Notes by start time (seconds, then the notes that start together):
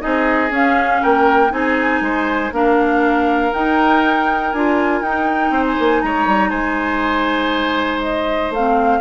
0.00 C4 D#4 G#4 D#5
0.50 C#4 F5
1.02 A#3 A#4 G5
1.50 C4 D#4 G#4 G#5
2.01 G#3 C5
2.52 A#3 D4 A#4 F5
3.53 D#4 G5
4.53 D4 F4 G#5
5.01 D#4 G5
5.50 C4 C5
5.67 G#5
5.79 A#3
6.02 G#3 C#5 A#5
6.27 G3
6.50 G#3 C5 G#5
8.02 D#5
8.50 A3 F5
8.57 C4